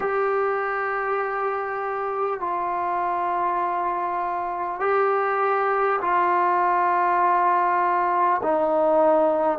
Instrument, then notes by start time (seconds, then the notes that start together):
trombone
0.00 G4
2.40 F4
4.80 G4
6.01 F4
8.43 D#4